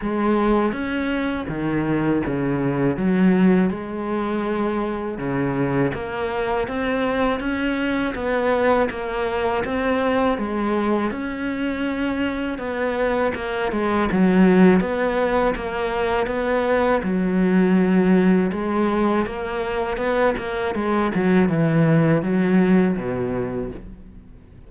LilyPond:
\new Staff \with { instrumentName = "cello" } { \time 4/4 \tempo 4 = 81 gis4 cis'4 dis4 cis4 | fis4 gis2 cis4 | ais4 c'4 cis'4 b4 | ais4 c'4 gis4 cis'4~ |
cis'4 b4 ais8 gis8 fis4 | b4 ais4 b4 fis4~ | fis4 gis4 ais4 b8 ais8 | gis8 fis8 e4 fis4 b,4 | }